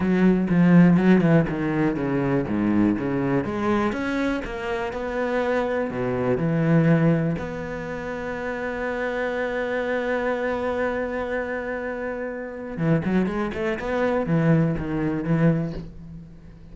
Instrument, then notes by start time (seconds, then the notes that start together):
cello
0.00 F#3
0.49 F3
0.97 F#3
1.20 E3
1.49 D#3
1.96 C#3
2.47 G#2
2.98 C#3
3.44 G#3
3.92 C#4
4.44 A#3
4.92 B3
5.90 B2
6.37 E3
7.38 B3
12.77 E3
13.04 F#3
13.26 G#3
13.54 A3
13.79 B3
14.26 E3
14.78 D#3
15.24 E3